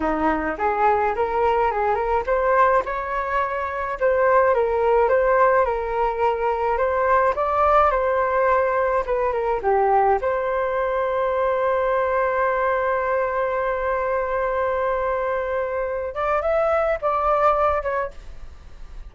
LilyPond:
\new Staff \with { instrumentName = "flute" } { \time 4/4 \tempo 4 = 106 dis'4 gis'4 ais'4 gis'8 ais'8 | c''4 cis''2 c''4 | ais'4 c''4 ais'2 | c''4 d''4 c''2 |
b'8 ais'8 g'4 c''2~ | c''1~ | c''1~ | c''8 d''8 e''4 d''4. cis''8 | }